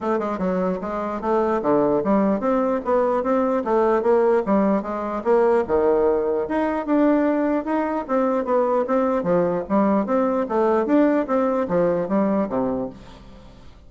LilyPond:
\new Staff \with { instrumentName = "bassoon" } { \time 4/4 \tempo 4 = 149 a8 gis8 fis4 gis4 a4 | d4 g4 c'4 b4 | c'4 a4 ais4 g4 | gis4 ais4 dis2 |
dis'4 d'2 dis'4 | c'4 b4 c'4 f4 | g4 c'4 a4 d'4 | c'4 f4 g4 c4 | }